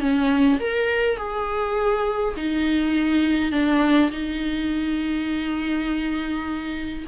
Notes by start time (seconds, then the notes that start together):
0.00 C#4
0.60 A#4
1.17 G#4
2.36 D#4
3.51 D4
4.11 D#4